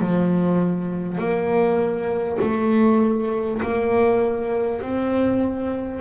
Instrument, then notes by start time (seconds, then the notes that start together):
double bass
0.00 F3
1.18 A#3
2.41 A3
3.62 A#3
4.82 C4